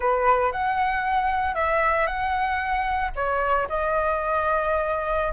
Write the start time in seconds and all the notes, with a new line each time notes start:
0.00 B4
0.52 F#5
1.54 E5
2.07 F#5
3.15 C#5
3.68 D#5